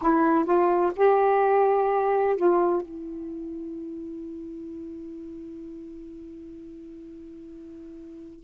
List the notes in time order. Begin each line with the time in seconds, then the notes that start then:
0.01 E4
0.45 F4
0.95 G4
2.36 F4
2.82 E4